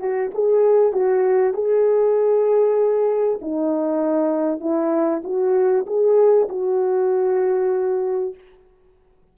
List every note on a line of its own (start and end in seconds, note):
0.00 0.31 F#4
0.34 0.93 G#4
0.93 1.54 F#4
1.54 3.40 G#4
3.42 4.61 D#4
4.61 5.22 E4
5.24 5.86 F#4
5.87 6.49 G#4
6.49 8.35 F#4